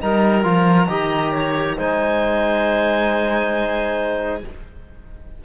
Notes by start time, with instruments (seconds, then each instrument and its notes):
0.00 cello G3, trombone D#4, clarinet A#4, violin A#5
0.44 cello F3, trombone F4
0.88 cello D#3, trombone G4, clarinet D#5
1.32 clarinet C#5
1.77 cello G#3, trombone D#4, clarinet C5, violin G#5